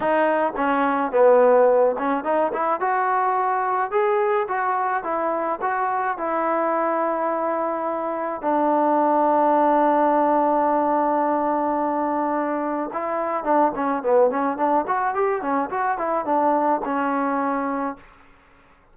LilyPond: \new Staff \with { instrumentName = "trombone" } { \time 4/4 \tempo 4 = 107 dis'4 cis'4 b4. cis'8 | dis'8 e'8 fis'2 gis'4 | fis'4 e'4 fis'4 e'4~ | e'2. d'4~ |
d'1~ | d'2. e'4 | d'8 cis'8 b8 cis'8 d'8 fis'8 g'8 cis'8 | fis'8 e'8 d'4 cis'2 | }